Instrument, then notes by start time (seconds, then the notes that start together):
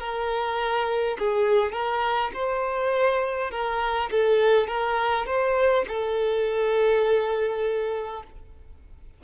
violin
0.00 A#4
1.19 G#4
1.73 A#4
2.34 C5
3.51 A#4
4.11 A4
4.67 A#4
5.27 C5
5.88 A4